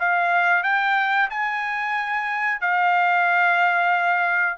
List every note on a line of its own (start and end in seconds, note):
0.00 0.64 F5
0.64 1.30 G5
1.31 2.61 G#5
2.61 4.58 F5